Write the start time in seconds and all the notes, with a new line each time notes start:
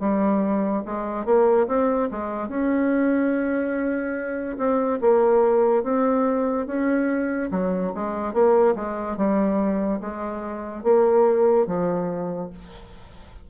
0.00 G3
0.86 G#3
1.25 A#3
1.68 C4
2.11 G#3
2.49 C#4
4.58 C4
5.01 A#3
5.84 C4
6.67 C#4
7.51 F#3
7.95 G#3
8.34 A#3
8.76 G#3
9.17 G3
10.01 G#3
10.84 A#3
11.67 F3